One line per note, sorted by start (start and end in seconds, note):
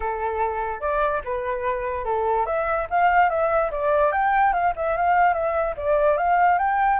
0.00 0.80 A4
0.80 1.21 D5
1.24 2.04 B4
2.04 2.45 A4
2.46 2.87 E5
2.90 3.29 F5
3.29 3.70 E5
3.71 4.12 D5
4.12 4.53 G5
4.53 4.73 F5
4.76 4.96 E5
4.97 5.33 F5
5.33 5.74 E5
5.76 6.17 D5
6.17 6.58 F5
6.58 6.99 G5